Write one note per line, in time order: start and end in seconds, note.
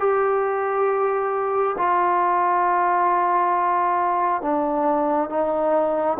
0.00 1.76 G4
1.78 4.42 F4
4.42 5.29 D4
5.29 6.18 D#4